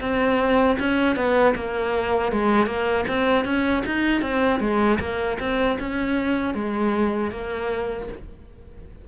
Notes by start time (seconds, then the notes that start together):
0.00 C4
0.79 C#4
1.16 B3
1.55 A#3
2.32 G#3
2.66 A#3
3.08 C4
3.44 C#4
3.86 D#4
4.21 C4
4.60 G#3
4.99 A#3
5.39 C4
5.79 C#4
6.54 G#3
7.31 A#3